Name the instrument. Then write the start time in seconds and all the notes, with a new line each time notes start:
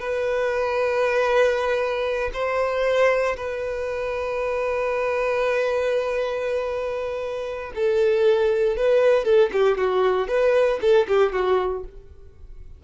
violin
0.00 B4
2.34 C5
3.37 B4
7.75 A4
8.77 B4
9.25 A4
9.53 G4
9.78 F#4
10.28 B4
10.81 A4
11.08 G4
11.33 F#4